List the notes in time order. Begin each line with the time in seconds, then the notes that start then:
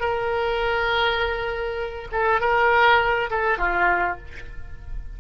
0.00 A#4
2.12 A4
2.41 A#4
3.30 A4
3.58 F4